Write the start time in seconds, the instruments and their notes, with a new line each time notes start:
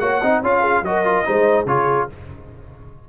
0.00 tuba A#3, trombone F#4, horn C#5, trumpet F#5
0.21 tuba C4, trombone D#4, horn D#5
0.42 tuba C#4, trombone F4, horn C#5, trumpet F5
0.61 horn G#4
0.82 tuba F#3, trombone F#4, horn A#4, trumpet D#5
1.05 trombone F4
1.25 tuba G#3, trombone D#4, horn C5
1.66 tuba C#3, trombone F4, horn G#4, trumpet C#5